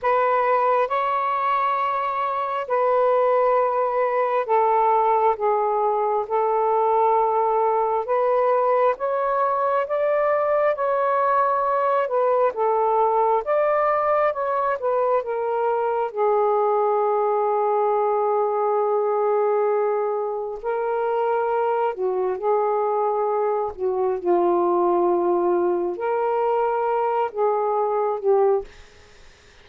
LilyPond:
\new Staff \with { instrumentName = "saxophone" } { \time 4/4 \tempo 4 = 67 b'4 cis''2 b'4~ | b'4 a'4 gis'4 a'4~ | a'4 b'4 cis''4 d''4 | cis''4. b'8 a'4 d''4 |
cis''8 b'8 ais'4 gis'2~ | gis'2. ais'4~ | ais'8 fis'8 gis'4. fis'8 f'4~ | f'4 ais'4. gis'4 g'8 | }